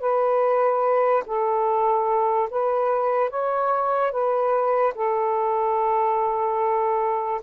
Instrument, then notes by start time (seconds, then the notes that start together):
saxophone
0.00 B4
1.26 A4
2.50 B4
3.30 C#5
4.11 B4
4.95 A4